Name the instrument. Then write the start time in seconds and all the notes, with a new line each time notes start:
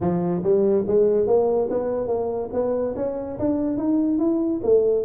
tuba
0.01 F3
0.43 G3
0.87 G#3
1.26 A#3
1.69 B3
2.07 A#3
2.52 B3
2.95 C#4
3.39 D4
3.77 D#4
4.18 E4
4.63 A3